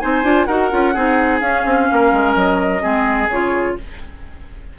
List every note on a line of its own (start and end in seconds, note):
0.00 0.24 C4
0.00 0.24 D#4
0.00 0.47 C5
0.00 0.45 G#5
0.24 0.47 D4
0.24 0.48 F4
0.45 0.71 D#4
0.45 0.71 F#4
0.45 0.94 A#4
0.45 1.39 F#5
0.71 0.96 C#4
0.71 0.94 F4
0.94 1.41 C4
0.94 1.42 D#4
0.94 1.88 G#4
1.40 1.65 C#4
1.40 2.81 C#4
1.40 2.34 F5
1.66 1.89 C4
1.92 2.12 A#3
1.92 2.83 A#4
2.12 2.36 G#3
2.35 2.82 F#3
2.35 3.29 D#5
2.81 3.28 G#3
2.81 3.28 C4
2.81 3.76 G#4
3.28 3.75 C#3
3.28 3.79 F4
3.28 3.79 C#5